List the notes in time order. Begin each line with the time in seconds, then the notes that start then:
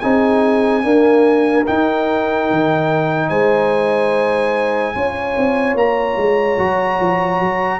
0.00 C4 D#4 G#4 G#5
0.83 A#3 D4 A#4
1.66 D#4 G5
2.51 D#3
3.29 G#3 C5 G#5
4.94 C#4 F4 C#5
5.37 C4
5.75 A#3 A#5
6.17 G#3
6.58 F#3 F#4
7.00 F3
7.40 F#3